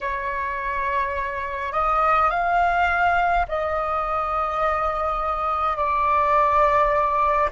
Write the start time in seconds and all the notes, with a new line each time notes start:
0.00 C#5
1.72 D#5
2.30 F5
3.48 D#5
5.76 D5